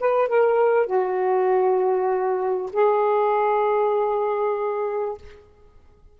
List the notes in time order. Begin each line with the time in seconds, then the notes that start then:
0.00 B4
0.28 A#4
0.86 F#4
2.73 G#4